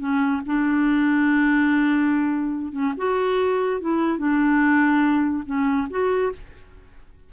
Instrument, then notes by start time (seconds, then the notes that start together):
clarinet
0.00 C#4
0.46 D4
2.73 C#4
2.97 F#4
3.81 E4
4.18 D4
5.46 C#4
5.90 F#4